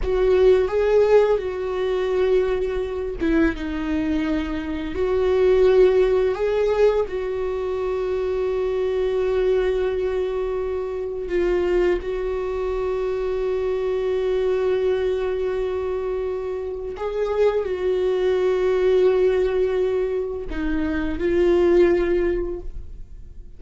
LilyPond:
\new Staff \with { instrumentName = "viola" } { \time 4/4 \tempo 4 = 85 fis'4 gis'4 fis'2~ | fis'8 e'8 dis'2 fis'4~ | fis'4 gis'4 fis'2~ | fis'1 |
f'4 fis'2.~ | fis'1 | gis'4 fis'2.~ | fis'4 dis'4 f'2 | }